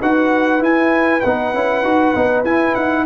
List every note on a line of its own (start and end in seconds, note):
0.00 0.61 D#4
0.00 0.60 F#4
0.00 3.06 B4
0.00 0.64 F#5
0.60 1.21 E4
0.60 1.23 E4
0.60 1.21 G#5
1.21 1.55 B3
1.21 1.55 D#4
1.21 2.43 F#5
1.55 1.84 C#4
1.55 1.85 E4
1.84 2.14 D#4
1.84 2.15 F#4
2.15 2.45 B3
2.15 2.46 D#4
2.45 2.75 E4
2.45 3.06 E4
2.45 2.75 G#5
2.75 3.06 D#4
2.75 3.06 F#5